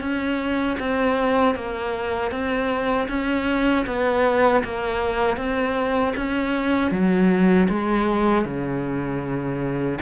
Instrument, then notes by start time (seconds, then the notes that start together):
cello
0.00 C#4
0.79 C4
1.55 A#3
2.31 C4
3.08 C#4
3.86 B3
4.64 A#3
5.36 C4
6.16 C#4
6.91 F#3
7.69 G#3
8.44 C#3